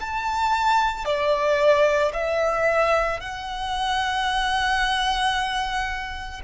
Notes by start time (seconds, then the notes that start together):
0.00 A5
1.05 D5
2.13 E5
3.20 F#5